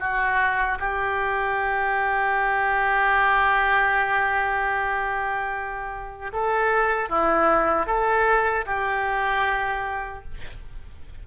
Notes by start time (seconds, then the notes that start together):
0.00 F#4
0.80 G4
6.33 A4
7.09 E4
7.87 A4
8.67 G4